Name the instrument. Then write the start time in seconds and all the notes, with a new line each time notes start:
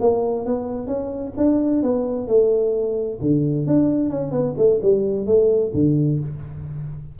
tuba
0.00 A#3
0.45 B3
0.87 C#4
1.37 D4
1.83 B3
2.27 A3
3.21 D3
3.66 D4
4.10 C#4
4.31 B3
4.57 A3
4.82 G3
5.26 A3
5.73 D3